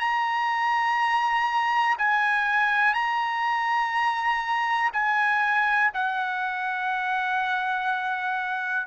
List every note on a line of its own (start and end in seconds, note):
0.00 1.97 A#5
1.99 2.94 G#5
2.94 4.91 A#5
4.93 5.92 G#5
5.94 8.87 F#5